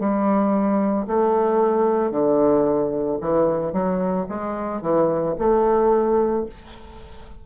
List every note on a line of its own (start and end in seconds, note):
0.00 1.07 G3
1.08 2.11 A3
2.11 3.19 D3
3.21 3.73 E3
3.73 4.27 F#3
4.29 4.82 G#3
4.82 5.35 E3
5.39 6.46 A3